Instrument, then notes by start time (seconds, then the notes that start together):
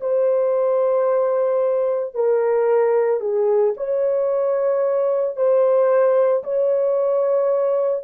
horn
0.00 C5
2.14 A#4
3.20 G#4
3.76 C#5
5.36 C5
6.43 C#5